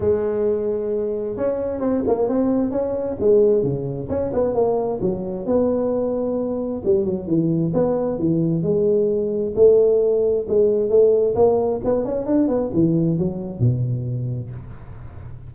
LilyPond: \new Staff \with { instrumentName = "tuba" } { \time 4/4 \tempo 4 = 132 gis2. cis'4 | c'8 ais8 c'4 cis'4 gis4 | cis4 cis'8 b8 ais4 fis4 | b2. g8 fis8 |
e4 b4 e4 gis4~ | gis4 a2 gis4 | a4 ais4 b8 cis'8 d'8 b8 | e4 fis4 b,2 | }